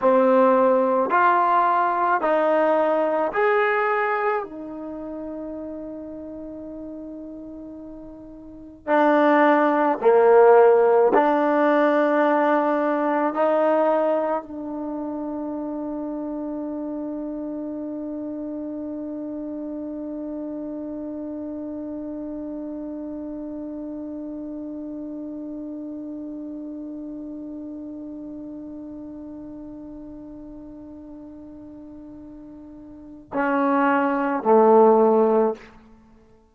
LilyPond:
\new Staff \with { instrumentName = "trombone" } { \time 4/4 \tempo 4 = 54 c'4 f'4 dis'4 gis'4 | dis'1 | d'4 ais4 d'2 | dis'4 d'2.~ |
d'1~ | d'1~ | d'1~ | d'2 cis'4 a4 | }